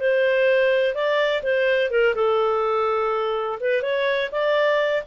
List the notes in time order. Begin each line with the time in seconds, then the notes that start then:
0.00 C5
0.94 D5
1.43 C5
1.91 A#4
2.15 A4
3.60 B4
3.82 C#5
4.32 D5